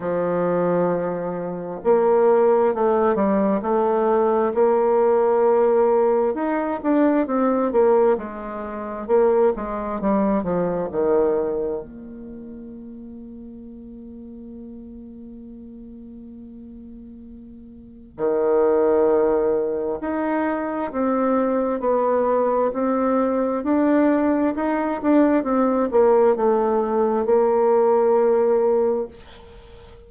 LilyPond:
\new Staff \with { instrumentName = "bassoon" } { \time 4/4 \tempo 4 = 66 f2 ais4 a8 g8 | a4 ais2 dis'8 d'8 | c'8 ais8 gis4 ais8 gis8 g8 f8 | dis4 ais2.~ |
ais1 | dis2 dis'4 c'4 | b4 c'4 d'4 dis'8 d'8 | c'8 ais8 a4 ais2 | }